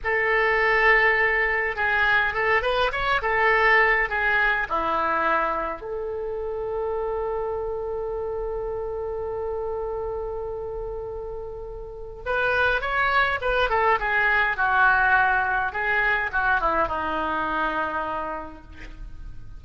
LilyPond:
\new Staff \with { instrumentName = "oboe" } { \time 4/4 \tempo 4 = 103 a'2. gis'4 | a'8 b'8 cis''8 a'4. gis'4 | e'2 a'2~ | a'1~ |
a'1~ | a'4 b'4 cis''4 b'8 a'8 | gis'4 fis'2 gis'4 | fis'8 e'8 dis'2. | }